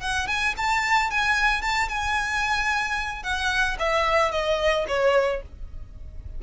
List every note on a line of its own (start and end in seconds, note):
0.00 0.27 F#5
0.27 0.54 G#5
0.57 1.10 A5
1.10 1.61 G#5
1.61 1.88 A5
1.88 3.23 G#5
3.23 3.77 F#5
3.79 4.31 E5
4.31 4.85 D#5
4.88 5.42 C#5